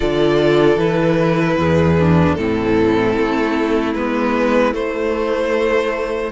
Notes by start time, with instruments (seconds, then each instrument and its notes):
0.00 cello D3, viola F4, violin A4 D5
0.76 cello E3, viola E4, violin B4
1.56 cello E2, violin G#4
1.99 viola D4
2.34 cello A2, viola C4, violin E4 A4
3.18 cello A3
3.94 cello G#3, viola B3, violin B4
4.73 viola A3, cello A3, violin C5